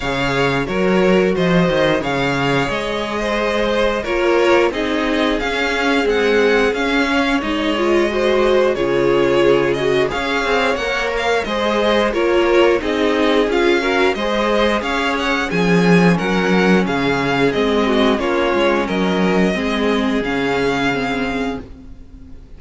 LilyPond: <<
  \new Staff \with { instrumentName = "violin" } { \time 4/4 \tempo 4 = 89 f''4 cis''4 dis''4 f''4 | dis''2 cis''4 dis''4 | f''4 fis''4 f''4 dis''4~ | dis''4 cis''4. dis''8 f''4 |
fis''8 f''8 dis''4 cis''4 dis''4 | f''4 dis''4 f''8 fis''8 gis''4 | fis''4 f''4 dis''4 cis''4 | dis''2 f''2 | }
  \new Staff \with { instrumentName = "violin" } { \time 4/4 cis''4 ais'4 c''4 cis''4~ | cis''8. c''4~ c''16 ais'4 gis'4~ | gis'2~ gis'8 cis''4. | c''4 gis'2 cis''4~ |
cis''4 c''4 ais'4 gis'4~ | gis'8 ais'8 c''4 cis''4 gis'4 | ais'4 gis'4. fis'8 f'4 | ais'4 gis'2. | }
  \new Staff \with { instrumentName = "viola" } { \time 4/4 gis'4 fis'2 gis'4~ | gis'2 f'4 dis'4 | cis'4 gis4 cis'4 dis'8 f'8 | fis'4 f'4. fis'8 gis'4 |
ais'4 gis'4 f'4 dis'4 | f'8 fis'8 gis'2 cis'4~ | cis'2 c'4 cis'4~ | cis'4 c'4 cis'4 c'4 | }
  \new Staff \with { instrumentName = "cello" } { \time 4/4 cis4 fis4 f8 dis8 cis4 | gis2 ais4 c'4 | cis'4 c'4 cis'4 gis4~ | gis4 cis2 cis'8 c'8 |
ais4 gis4 ais4 c'4 | cis'4 gis4 cis'4 f4 | fis4 cis4 gis4 ais8 gis8 | fis4 gis4 cis2 | }
>>